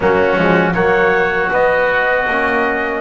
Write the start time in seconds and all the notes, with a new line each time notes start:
0.00 F#3 A#3 C#4 F#4
0.36 F3 G#3
0.73 F#3 A#3 F#4 C#5
1.50 B3 D#5
2.27 A#3 C#4